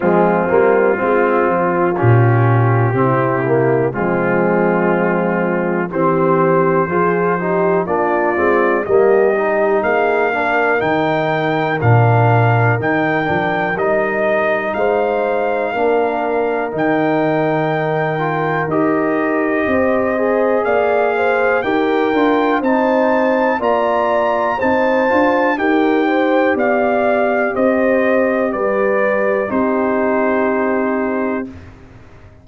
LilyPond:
<<
  \new Staff \with { instrumentName = "trumpet" } { \time 4/4 \tempo 4 = 61 f'2 g'2 | f'2 c''2 | d''4 dis''4 f''4 g''4 | f''4 g''4 dis''4 f''4~ |
f''4 g''2 dis''4~ | dis''4 f''4 g''4 a''4 | ais''4 a''4 g''4 f''4 | dis''4 d''4 c''2 | }
  \new Staff \with { instrumentName = "horn" } { \time 4/4 c'4 f'2 e'4 | c'2 g'4 gis'8 g'8 | f'4 g'4 gis'8 ais'4.~ | ais'2. c''4 |
ais'1 | c''4 d''8 c''8 ais'4 c''4 | d''4 c''4 ais'8 c''8 d''4 | c''4 b'4 g'2 | }
  \new Staff \with { instrumentName = "trombone" } { \time 4/4 gis8 ais8 c'4 cis'4 c'8 ais8 | gis2 c'4 f'8 dis'8 | d'8 c'8 ais8 dis'4 d'8 dis'4 | d'4 dis'8 d'8 dis'2 |
d'4 dis'4. f'8 g'4~ | g'8 gis'4. g'8 f'8 dis'4 | f'4 dis'8 f'8 g'2~ | g'2 dis'2 | }
  \new Staff \with { instrumentName = "tuba" } { \time 4/4 f8 g8 gis8 f8 ais,4 c4 | f2 e4 f4 | ais8 gis8 g4 ais4 dis4 | ais,4 dis8 f8 g4 gis4 |
ais4 dis2 dis'4 | c'4 ais4 dis'8 d'8 c'4 | ais4 c'8 d'8 dis'4 b4 | c'4 g4 c'2 | }
>>